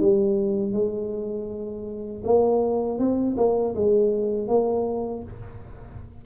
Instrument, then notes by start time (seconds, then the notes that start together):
tuba
0.00 G3
0.72 G#3
2.24 A#3
2.98 C4
3.37 A#3
3.75 G#3
4.48 A#3